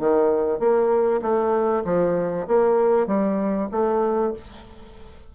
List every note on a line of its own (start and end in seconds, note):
0.00 0.60 D#3
0.60 1.22 A#3
1.22 1.84 A3
1.85 2.47 F3
2.48 3.07 A#3
3.07 3.69 G3
3.72 4.34 A3